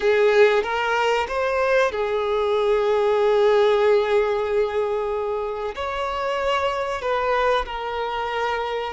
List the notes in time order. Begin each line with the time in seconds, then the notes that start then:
0.00 G#4
0.63 A#4
1.28 C5
1.91 G#4
5.75 C#5
7.01 B4
7.65 A#4